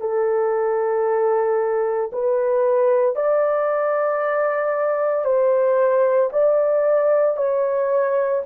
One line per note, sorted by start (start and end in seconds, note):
0.00 2.11 A4
2.12 3.15 B4
3.15 5.24 D5
5.24 6.30 C5
6.32 7.36 D5
7.36 8.42 C#5